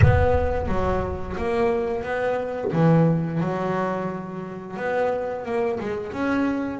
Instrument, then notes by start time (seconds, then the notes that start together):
double bass
0.01 B3
0.68 F#3
1.37 A#3
2.03 B3
2.72 E3
3.40 F#3
4.77 B3
5.45 A#3
5.80 G#3
6.12 C#4